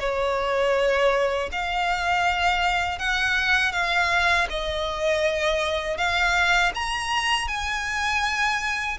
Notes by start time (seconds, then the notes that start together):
0.00 C#5
1.52 F5
2.99 F#5
3.73 F5
4.50 D#5
5.98 F5
6.75 A#5
7.48 G#5